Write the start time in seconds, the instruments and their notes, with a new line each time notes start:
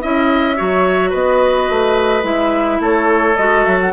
0.00 bassoon C#4, clarinet E4, oboe D#5, flute E5
0.56 bassoon F#3, clarinet F#4, oboe C#5
1.10 bassoon B3, oboe B4, flute D#5
1.69 bassoon A3
2.22 bassoon G#3, clarinet E4, flute E5
2.80 bassoon A3, oboe A4, flute C#5
3.36 bassoon G#3, clarinet F#4, flute D#5
3.64 bassoon F#3, flute E5
3.80 flute F#5